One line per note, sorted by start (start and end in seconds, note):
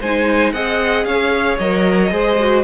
0.00 0.53 G#3
0.00 0.54 D#4
0.00 0.53 C5
0.00 0.52 G#5
0.52 1.05 C4
0.52 1.60 G#4
0.52 1.06 D#5
0.52 1.04 F#5
1.04 1.58 C#4
1.04 2.12 C#5
1.04 1.58 F5
1.58 2.11 F#3
1.58 2.10 A#4
1.58 2.64 D#5
2.10 2.64 G#3
2.10 2.37 G#4
2.10 2.64 C5
2.40 2.64 F#4